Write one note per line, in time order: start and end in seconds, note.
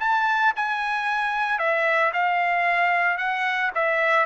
0.00 0.53 A5
0.56 1.59 G#5
1.59 2.12 E5
2.13 3.18 F5
3.18 3.71 F#5
3.75 4.26 E5